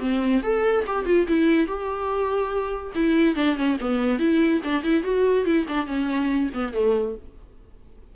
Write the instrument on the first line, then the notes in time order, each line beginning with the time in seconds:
viola
0.00 C4
0.43 A4
0.87 G4
1.06 F4
1.28 E4
1.67 G4
2.95 E4
3.35 D4
3.56 C#4
3.80 B3
4.19 E4
4.64 D4
4.83 E4
5.03 F#4
5.45 E4
5.68 D4
5.87 C#4
6.54 B3
6.74 A3